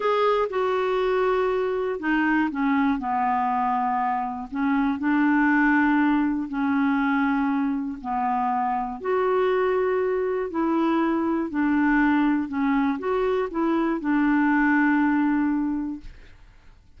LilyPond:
\new Staff \with { instrumentName = "clarinet" } { \time 4/4 \tempo 4 = 120 gis'4 fis'2. | dis'4 cis'4 b2~ | b4 cis'4 d'2~ | d'4 cis'2. |
b2 fis'2~ | fis'4 e'2 d'4~ | d'4 cis'4 fis'4 e'4 | d'1 | }